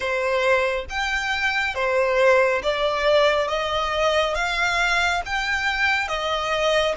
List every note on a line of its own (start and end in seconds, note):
0.00 0.85 C5
0.89 1.74 G5
1.74 2.61 C5
2.62 3.48 D5
3.48 4.34 D#5
4.34 5.21 F5
5.25 6.08 G5
6.08 6.94 D#5